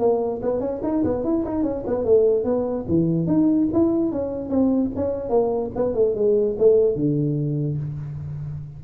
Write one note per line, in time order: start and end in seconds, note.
0.00 0.41 A#3
0.43 0.61 B3
0.61 0.81 C#4
0.83 1.04 D#4
1.04 1.24 B3
1.24 1.45 E4
1.45 1.63 D#4
1.63 1.84 C#4
1.87 2.05 B3
2.05 2.45 A3
2.45 2.86 B3
2.89 3.27 E3
3.27 3.68 D#4
3.73 4.12 E4
4.12 4.50 C#4
4.50 4.91 C4
4.96 5.30 C#4
5.30 5.71 A#3
5.76 5.95 B3
5.95 6.15 A3
6.16 6.57 G#3
6.59 6.96 A3
6.96 7.78 D3